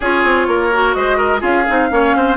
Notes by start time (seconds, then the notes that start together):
0.00 C#4 F4 G#4 C#5
0.24 C4
0.47 A#3 A#4
0.72 F#4
0.93 G#3 C5 D#5
1.17 A#4
1.39 C#4 F4 G#4 F5
1.68 C4 D#4
1.90 A#3 C#4 C#5
2.15 C4 C5